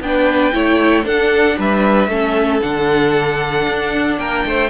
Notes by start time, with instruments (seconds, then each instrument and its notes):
0.00 cello B3, viola D4, violin B4 G5
0.52 cello A3, viola E4, violin C#5
1.03 viola D4, cello D4, violin A4 F#5
1.58 cello G3, violin B4 E5
2.08 cello A3, viola C#4, violin A4
2.61 cello D3, viola D4, violin F#5
3.68 cello D4
4.18 cello A#3, violin A#4 G5
4.45 cello A3, violin C5